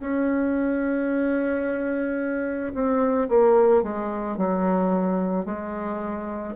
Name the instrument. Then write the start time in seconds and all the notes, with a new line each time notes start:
bassoon
0.00 C#4
2.74 C4
3.29 A#3
3.83 G#3
4.37 F#3
5.45 G#3